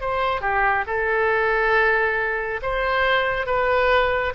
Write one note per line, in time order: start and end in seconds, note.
0.00 0.41 C5
0.41 0.84 G4
0.86 2.60 A4
2.62 3.46 C5
3.46 4.33 B4